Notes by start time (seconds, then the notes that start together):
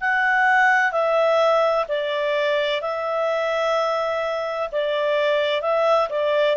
0.00 F#5
0.92 E5
1.88 D5
2.81 E5
4.72 D5
5.61 E5
6.09 D5